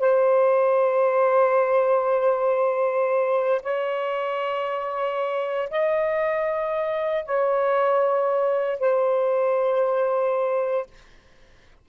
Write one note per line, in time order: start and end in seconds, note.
0.00 3.62 C5
3.63 5.70 C#5
5.70 7.26 D#5
7.26 8.80 C#5
8.80 10.87 C5